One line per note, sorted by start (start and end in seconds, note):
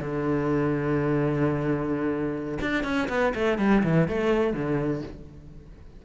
0.00 2.58 D3
2.61 2.83 D4
2.83 3.08 C#4
3.08 3.33 B3
3.34 3.58 A3
3.58 3.82 G3
3.83 4.08 E3
4.08 4.53 A3
4.53 5.02 D3